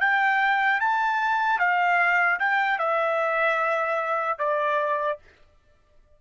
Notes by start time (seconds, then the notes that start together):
0.00 G5
0.80 A5
1.59 F5
2.39 G5
2.79 E5
4.38 D5